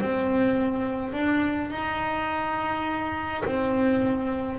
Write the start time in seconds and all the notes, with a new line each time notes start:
0.00 C4
1.12 D4
1.70 D#4
3.45 C4